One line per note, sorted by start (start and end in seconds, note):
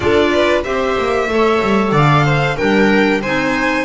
0.00 0.64 D4
0.00 0.64 F4
0.00 0.31 A4
0.00 0.61 D5
0.32 0.63 B4
0.63 0.97 C4
0.63 1.29 G4
0.63 1.28 C5
0.63 1.93 E5
0.98 1.28 A#3
1.28 1.60 A3
1.28 2.57 A4
1.28 1.92 C#5
1.61 1.91 G3
1.91 2.56 D3
1.91 2.24 D5
1.91 2.57 F5
2.25 2.57 C5
2.57 3.24 G3
2.57 3.22 D4
2.57 3.21 A#4
2.57 3.21 G5
3.21 3.85 C4
3.21 3.85 D#4
3.21 3.85 C5
3.21 3.85 G#5